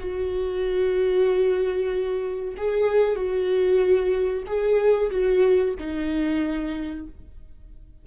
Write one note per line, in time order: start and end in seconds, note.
0.00 2.55 F#4
2.57 3.16 G#4
3.16 4.44 F#4
4.47 5.11 G#4
5.11 5.75 F#4
5.79 7.07 D#4